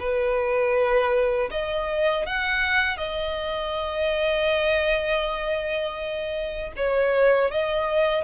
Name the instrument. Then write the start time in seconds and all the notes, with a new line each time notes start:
violin
0.00 B4
1.51 D#5
2.26 F#5
2.97 D#5
6.77 C#5
7.51 D#5